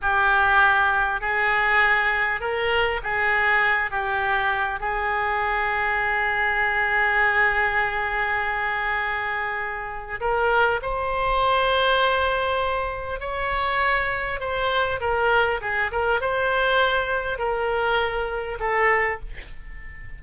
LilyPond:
\new Staff \with { instrumentName = "oboe" } { \time 4/4 \tempo 4 = 100 g'2 gis'2 | ais'4 gis'4. g'4. | gis'1~ | gis'1~ |
gis'4 ais'4 c''2~ | c''2 cis''2 | c''4 ais'4 gis'8 ais'8 c''4~ | c''4 ais'2 a'4 | }